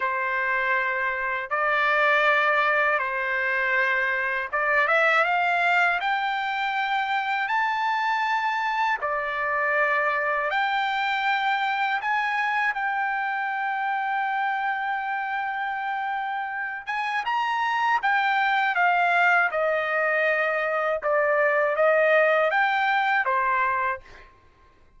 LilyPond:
\new Staff \with { instrumentName = "trumpet" } { \time 4/4 \tempo 4 = 80 c''2 d''2 | c''2 d''8 e''8 f''4 | g''2 a''2 | d''2 g''2 |
gis''4 g''2.~ | g''2~ g''8 gis''8 ais''4 | g''4 f''4 dis''2 | d''4 dis''4 g''4 c''4 | }